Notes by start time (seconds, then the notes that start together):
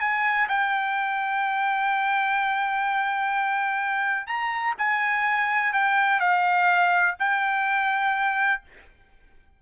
0.00 G#5
0.48 G5
4.27 A#5
4.78 G#5
5.73 G5
6.20 F5
7.19 G5